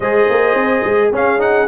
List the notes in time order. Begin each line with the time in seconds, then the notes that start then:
0.00 G#3 G#4 C5 D#5
0.29 A#3
0.54 C4
0.83 G#3
1.12 C#4 G#4 F5
1.38 D#4 F#5